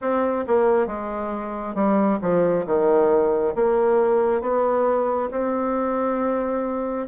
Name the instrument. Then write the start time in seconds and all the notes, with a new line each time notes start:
bassoon
0.01 C4
0.47 A#3
0.86 G#3
1.74 G3
2.21 F3
2.66 D#3
3.55 A#3
4.41 B3
5.31 C4